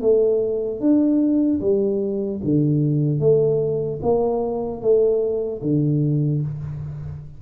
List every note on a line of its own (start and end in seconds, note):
0.00 0.80 A3
0.80 1.60 D4
1.60 2.40 G3
2.43 3.20 D3
3.20 4.00 A3
4.02 4.81 A#3
4.81 5.61 A3
5.61 6.41 D3